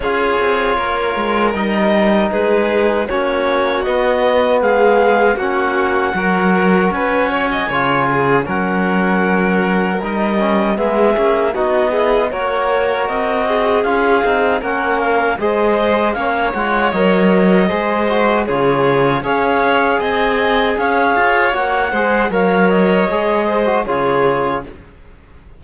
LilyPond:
<<
  \new Staff \with { instrumentName = "clarinet" } { \time 4/4 \tempo 4 = 78 cis''2 dis''4 b'4 | cis''4 dis''4 f''4 fis''4~ | fis''4 gis''2 fis''4~ | fis''4 dis''4 e''4 dis''4 |
cis''4 dis''4 f''4 fis''8 f''8 | dis''4 f''8 fis''8 dis''2 | cis''4 f''4 gis''4 f''4 | fis''4 f''8 dis''4. cis''4 | }
  \new Staff \with { instrumentName = "violin" } { \time 4/4 gis'4 ais'2 gis'4 | fis'2 gis'4 fis'4 | ais'4 b'8 cis''16 dis''16 cis''8 gis'8 ais'4~ | ais'2 gis'4 fis'8 gis'8 |
ais'4. gis'4. ais'4 | c''4 cis''2 c''4 | gis'4 cis''4 dis''4 cis''4~ | cis''8 c''8 cis''4. c''8 gis'4 | }
  \new Staff \with { instrumentName = "trombone" } { \time 4/4 f'2 dis'2 | cis'4 b2 cis'4 | fis'2 f'4 cis'4~ | cis'4 dis'8 cis'8 b8 cis'8 dis'8 e'8 |
fis'2 f'8 dis'8 cis'4 | gis'4 cis'8 f'8 ais'4 gis'8 fis'8 | f'4 gis'2. | fis'8 gis'8 ais'4 gis'8. fis'16 f'4 | }
  \new Staff \with { instrumentName = "cello" } { \time 4/4 cis'8 c'8 ais8 gis8 g4 gis4 | ais4 b4 gis4 ais4 | fis4 cis'4 cis4 fis4~ | fis4 g4 gis8 ais8 b4 |
ais4 c'4 cis'8 c'8 ais4 | gis4 ais8 gis8 fis4 gis4 | cis4 cis'4 c'4 cis'8 f'8 | ais8 gis8 fis4 gis4 cis4 | }
>>